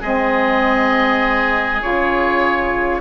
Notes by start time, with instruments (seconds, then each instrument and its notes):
0.00 bassoon G#3, saxophone C4, oboe G#4 D#5
1.81 bassoon C#3, saxophone F4, oboe C#5